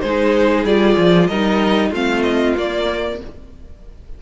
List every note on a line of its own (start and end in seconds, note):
0.00 0.64 G#3
0.00 0.66 D#4
0.00 1.29 G#4
0.00 0.64 C5
0.64 0.96 G3
0.64 1.30 F4
0.64 1.27 D5
0.97 1.28 F3
1.27 1.91 G3
1.27 1.93 D#4
1.27 1.90 A#4
1.27 1.91 D#5
1.90 2.54 A3
1.90 2.57 C4
1.90 3.17 F4
1.90 2.22 F5
2.22 2.54 D#5
2.57 3.21 A#3
2.57 3.22 D5